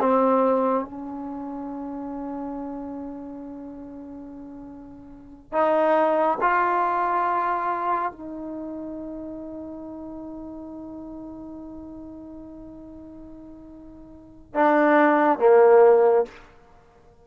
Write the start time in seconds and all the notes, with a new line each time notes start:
0.00 C4
0.85 C#4
5.52 D#4
6.41 F4
8.12 D#4
14.54 D4
15.39 A#3